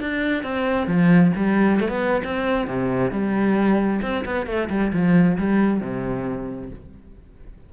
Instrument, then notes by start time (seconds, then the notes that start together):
cello
0.00 D4
0.43 C4
0.87 F3
1.36 G3
1.80 A3
1.89 B3
2.24 C4
2.67 C3
3.11 G3
4.02 C4
4.25 B3
4.46 A3
4.70 G3
4.93 F3
5.38 G3
5.80 C3